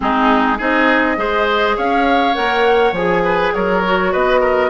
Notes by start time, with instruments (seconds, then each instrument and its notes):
0.00 bassoon G#3, clarinet C4, oboe D#4, flute G#4
0.58 bassoon C4, clarinet D#4, oboe G#4, flute D#5
1.16 bassoon G#3, clarinet G#4, oboe C5
1.76 bassoon C#4, oboe C#5, flute F5
2.34 bassoon A#3, clarinet A#4, flute F#5
2.91 bassoon F3, clarinet G#4, flute G#5
3.24 oboe B4
3.53 bassoon F#3, oboe A#4, flute C#5
3.84 clarinet F#4
4.12 bassoon B3, oboe B4, flute D#5
4.40 oboe A#4